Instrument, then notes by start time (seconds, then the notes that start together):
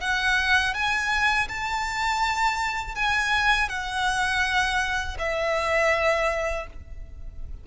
violin
0.00 F#5
0.74 G#5
1.48 A5
2.95 G#5
3.68 F#5
5.18 E5